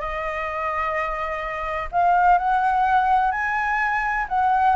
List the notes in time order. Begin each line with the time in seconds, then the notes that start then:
0.00 D#5
1.92 F5
2.38 F#5
3.31 G#5
4.28 F#5